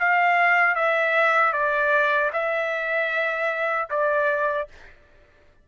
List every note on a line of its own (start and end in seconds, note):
0.00 0.75 F5
0.75 1.53 E5
1.53 2.31 D5
2.33 3.89 E5
3.90 4.68 D5